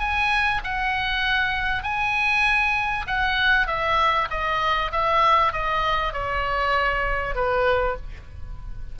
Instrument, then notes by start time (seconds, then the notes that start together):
oboe
0.00 G#5
0.64 F#5
1.83 G#5
3.07 F#5
3.68 E5
4.31 D#5
4.92 E5
5.53 D#5
6.13 C#5
7.36 B4